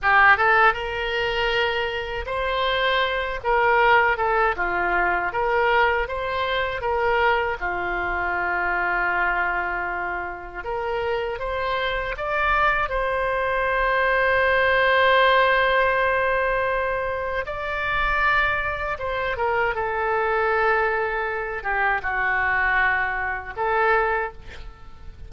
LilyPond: \new Staff \with { instrumentName = "oboe" } { \time 4/4 \tempo 4 = 79 g'8 a'8 ais'2 c''4~ | c''8 ais'4 a'8 f'4 ais'4 | c''4 ais'4 f'2~ | f'2 ais'4 c''4 |
d''4 c''2.~ | c''2. d''4~ | d''4 c''8 ais'8 a'2~ | a'8 g'8 fis'2 a'4 | }